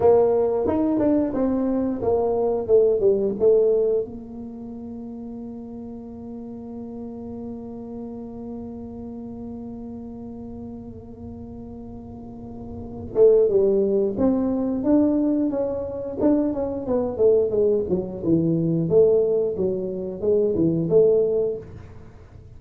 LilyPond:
\new Staff \with { instrumentName = "tuba" } { \time 4/4 \tempo 4 = 89 ais4 dis'8 d'8 c'4 ais4 | a8 g8 a4 ais2~ | ais1~ | ais1~ |
ais2.~ ais8 a8 | g4 c'4 d'4 cis'4 | d'8 cis'8 b8 a8 gis8 fis8 e4 | a4 fis4 gis8 e8 a4 | }